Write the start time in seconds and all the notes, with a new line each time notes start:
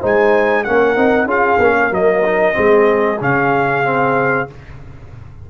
0.00 G#3 D#4 C5 G#5
0.64 A#3 C#4 A#4 F#5
0.97 C4 D#4
1.25 C#4 F4 G#4 F5
1.59 A#3 C#4
1.80 A#4
1.91 F#3 A#3 D#5
2.25 D#4
2.53 G#3 C4 G#4
3.21 C#3 C#4 F5
3.84 C4